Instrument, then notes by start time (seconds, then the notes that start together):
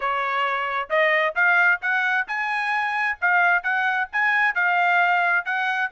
trumpet
0.00 C#5
0.89 D#5
1.35 F5
1.81 F#5
2.27 G#5
3.21 F5
3.63 F#5
4.12 G#5
4.55 F5
5.45 F#5